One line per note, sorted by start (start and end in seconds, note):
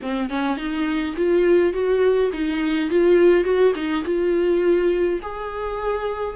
0.02 0.29 C4
0.29 0.57 C#4
0.57 1.14 D#4
1.16 1.73 F4
1.73 2.31 F#4
2.32 2.90 D#4
2.90 3.44 F4
3.44 3.73 F#4
3.75 4.04 D#4
4.04 5.20 F4
5.22 6.36 G#4